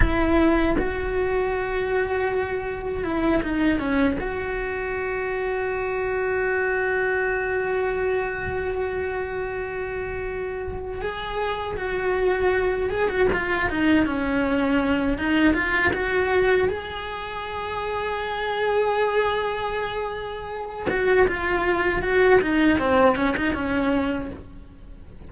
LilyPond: \new Staff \with { instrumentName = "cello" } { \time 4/4 \tempo 4 = 79 e'4 fis'2. | e'8 dis'8 cis'8 fis'2~ fis'8~ | fis'1~ | fis'2~ fis'8 gis'4 fis'8~ |
fis'4 gis'16 fis'16 f'8 dis'8 cis'4. | dis'8 f'8 fis'4 gis'2~ | gis'2.~ gis'8 fis'8 | f'4 fis'8 dis'8 c'8 cis'16 dis'16 cis'4 | }